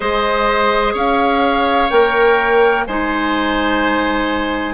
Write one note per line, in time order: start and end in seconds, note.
0.00 0.94 G#3
0.00 1.89 G#4
0.00 0.93 C5
0.00 0.94 D#5
0.93 1.89 C#4
0.93 2.84 C#5
0.93 1.89 F5
1.89 2.86 A#3
1.89 2.85 A#4
1.89 2.85 G5
2.86 4.74 G#3
2.86 4.74 D#4
2.86 4.74 C5
2.86 4.74 G#5